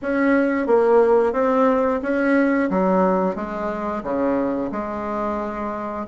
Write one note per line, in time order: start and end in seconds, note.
0.02 0.66 C#4
0.66 1.33 A#3
1.33 2.00 C4
2.02 2.69 C#4
2.70 3.35 F#3
3.35 4.03 G#3
4.03 4.70 C#3
4.71 6.06 G#3